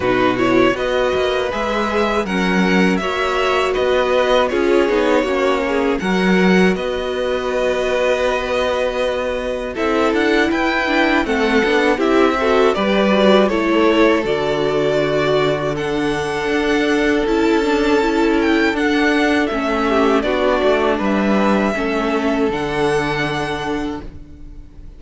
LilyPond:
<<
  \new Staff \with { instrumentName = "violin" } { \time 4/4 \tempo 4 = 80 b'8 cis''8 dis''4 e''4 fis''4 | e''4 dis''4 cis''2 | fis''4 dis''2.~ | dis''4 e''8 fis''8 g''4 fis''4 |
e''4 d''4 cis''4 d''4~ | d''4 fis''2 a''4~ | a''8 g''8 fis''4 e''4 d''4 | e''2 fis''2 | }
  \new Staff \with { instrumentName = "violin" } { \time 4/4 fis'4 b'2 ais'4 | cis''4 b'4 gis'4 fis'8 gis'8 | ais'4 b'2.~ | b'4 a'4 b'4 a'4 |
g'8 a'8 b'4 a'2 | fis'4 a'2.~ | a'2~ a'8 g'8 fis'4 | b'4 a'2. | }
  \new Staff \with { instrumentName = "viola" } { \time 4/4 dis'8 e'8 fis'4 gis'4 cis'4 | fis'2 f'8 dis'8 cis'4 | fis'1~ | fis'4 e'4. d'8 c'8 d'8 |
e'8 fis'8 g'8 fis'8 e'4 fis'4~ | fis'4 d'2 e'8 d'8 | e'4 d'4 cis'4 d'4~ | d'4 cis'4 d'2 | }
  \new Staff \with { instrumentName = "cello" } { \time 4/4 b,4 b8 ais8 gis4 fis4 | ais4 b4 cis'8 b8 ais4 | fis4 b2.~ | b4 c'8 d'8 e'4 a8 b8 |
c'4 g4 a4 d4~ | d2 d'4 cis'4~ | cis'4 d'4 a4 b8 a8 | g4 a4 d2 | }
>>